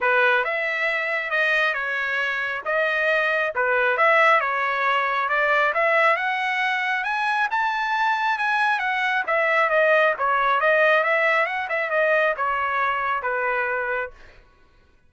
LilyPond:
\new Staff \with { instrumentName = "trumpet" } { \time 4/4 \tempo 4 = 136 b'4 e''2 dis''4 | cis''2 dis''2 | b'4 e''4 cis''2 | d''4 e''4 fis''2 |
gis''4 a''2 gis''4 | fis''4 e''4 dis''4 cis''4 | dis''4 e''4 fis''8 e''8 dis''4 | cis''2 b'2 | }